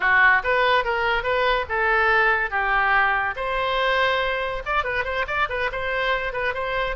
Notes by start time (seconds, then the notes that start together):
0.00 F#4
0.43 B4
0.84 A#4
1.23 B4
1.68 A4
2.50 G4
3.36 C5
4.65 D5
4.84 B4
5.04 C5
5.27 D5
5.49 B4
5.72 C5
6.32 B4
6.53 C5